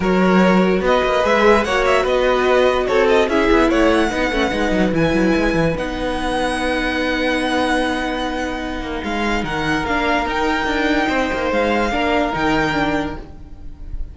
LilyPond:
<<
  \new Staff \with { instrumentName = "violin" } { \time 4/4 \tempo 4 = 146 cis''2 dis''4 e''4 | fis''8 e''8 dis''2 cis''8 dis''8 | e''4 fis''2. | gis''2 fis''2~ |
fis''1~ | fis''2 f''4 fis''4 | f''4 g''2. | f''2 g''2 | }
  \new Staff \with { instrumentName = "violin" } { \time 4/4 ais'2 b'2 | cis''4 b'2 a'4 | gis'4 cis''4 b'2~ | b'1~ |
b'1~ | b'2. ais'4~ | ais'2. c''4~ | c''4 ais'2. | }
  \new Staff \with { instrumentName = "viola" } { \time 4/4 fis'2. gis'4 | fis'1 | e'2 dis'8 cis'8 dis'4 | e'2 dis'2~ |
dis'1~ | dis'1 | d'4 dis'2.~ | dis'4 d'4 dis'4 d'4 | }
  \new Staff \with { instrumentName = "cello" } { \time 4/4 fis2 b8 ais8 gis4 | ais4 b2 c'4 | cis'8 b8 a4 b8 a8 gis8 fis8 | e8 fis8 gis8 e8 b2~ |
b1~ | b4. ais8 gis4 dis4 | ais4 dis'4 d'4 c'8 ais8 | gis4 ais4 dis2 | }
>>